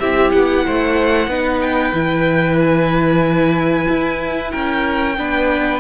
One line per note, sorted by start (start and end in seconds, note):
0.00 0.33 C4
0.00 1.30 E4
0.00 0.65 G4
0.00 0.31 E5
0.31 0.66 B3
0.31 1.60 F#5
0.67 1.27 A3
0.67 1.30 C5
1.27 1.92 B3
1.27 1.94 D#4
1.27 4.52 B4
1.62 2.58 G5
1.94 3.87 E3
1.94 5.17 E4
2.60 4.52 G#5
3.89 4.53 E4
4.52 5.19 C#4
4.52 5.17 A#4
4.52 5.81 G5
5.18 5.81 B3
5.18 5.81 D4
5.18 5.81 B4